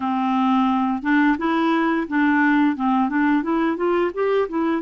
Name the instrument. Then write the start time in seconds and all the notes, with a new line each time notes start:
clarinet
0.00 C4
1.02 D4
1.38 E4
2.08 D4
2.76 C4
3.09 D4
3.43 E4
3.76 F4
4.13 G4
4.48 E4